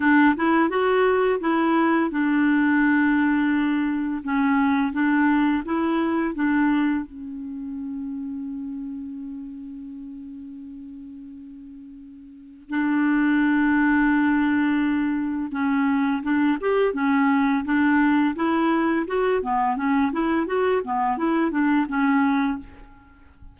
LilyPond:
\new Staff \with { instrumentName = "clarinet" } { \time 4/4 \tempo 4 = 85 d'8 e'8 fis'4 e'4 d'4~ | d'2 cis'4 d'4 | e'4 d'4 cis'2~ | cis'1~ |
cis'2 d'2~ | d'2 cis'4 d'8 g'8 | cis'4 d'4 e'4 fis'8 b8 | cis'8 e'8 fis'8 b8 e'8 d'8 cis'4 | }